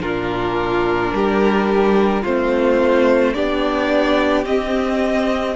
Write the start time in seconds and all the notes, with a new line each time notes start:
0.00 A#2 D4 F4 A#4
1.12 G3 G4
2.22 A3 C4 F4 C5
3.34 B3 D4 G4 D5
4.44 C4 D#5